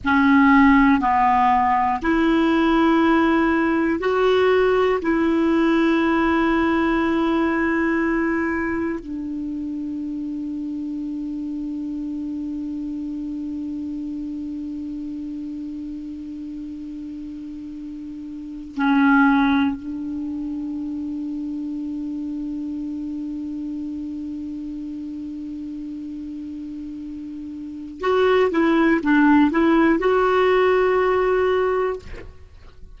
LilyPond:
\new Staff \with { instrumentName = "clarinet" } { \time 4/4 \tempo 4 = 60 cis'4 b4 e'2 | fis'4 e'2.~ | e'4 d'2.~ | d'1~ |
d'2~ d'8. cis'4 d'16~ | d'1~ | d'1 | fis'8 e'8 d'8 e'8 fis'2 | }